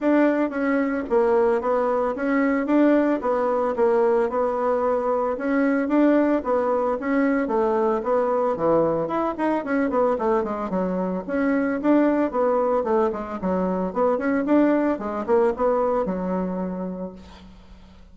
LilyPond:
\new Staff \with { instrumentName = "bassoon" } { \time 4/4 \tempo 4 = 112 d'4 cis'4 ais4 b4 | cis'4 d'4 b4 ais4 | b2 cis'4 d'4 | b4 cis'4 a4 b4 |
e4 e'8 dis'8 cis'8 b8 a8 gis8 | fis4 cis'4 d'4 b4 | a8 gis8 fis4 b8 cis'8 d'4 | gis8 ais8 b4 fis2 | }